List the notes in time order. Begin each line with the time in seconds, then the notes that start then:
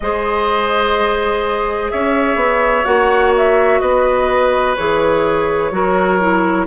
0.00 G#3 G#4 C5 D#5
1.90 C#4 C#5 E5
2.35 B3
2.84 A#3 F#4 F#5
3.37 E5
3.79 B3 B4 D#5
4.75 E3 G#4 C#5
5.71 F#3 F#4 A#4
6.19 E4